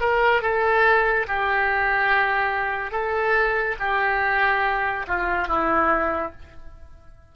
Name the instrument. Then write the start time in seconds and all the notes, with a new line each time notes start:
oboe
0.00 A#4
0.42 A4
1.27 G4
2.91 A4
3.80 G4
5.07 F4
5.47 E4